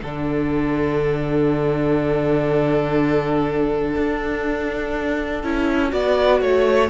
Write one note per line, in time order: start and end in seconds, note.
0.00 3.96 D3
0.00 5.44 D4
0.00 5.92 A4
0.00 6.89 F#5
3.97 5.44 D4
5.44 5.93 C#4
5.44 5.90 E4
5.90 6.41 B3
5.90 6.88 F#4
5.90 6.41 D5
6.41 6.90 A3
6.41 6.90 C#5